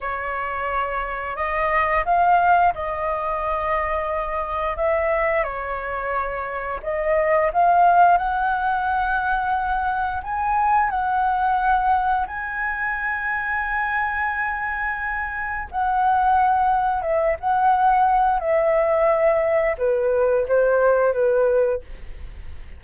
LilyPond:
\new Staff \with { instrumentName = "flute" } { \time 4/4 \tempo 4 = 88 cis''2 dis''4 f''4 | dis''2. e''4 | cis''2 dis''4 f''4 | fis''2. gis''4 |
fis''2 gis''2~ | gis''2. fis''4~ | fis''4 e''8 fis''4. e''4~ | e''4 b'4 c''4 b'4 | }